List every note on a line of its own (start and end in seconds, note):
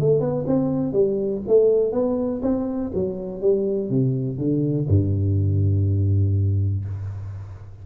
0.00 0.20 A3
0.20 0.45 B3
0.46 0.93 C4
0.93 1.42 G3
1.47 1.92 A3
1.92 2.41 B3
2.42 2.92 C4
2.94 3.41 F#3
3.41 3.90 G3
3.90 4.38 C3
4.38 4.87 D3
4.88 6.85 G2